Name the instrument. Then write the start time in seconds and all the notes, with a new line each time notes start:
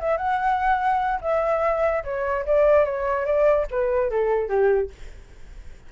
flute
0.00 E5
0.17 F#5
1.21 E5
2.04 C#5
2.46 D5
2.85 C#5
3.25 D5
3.71 B4
4.10 A4
4.49 G4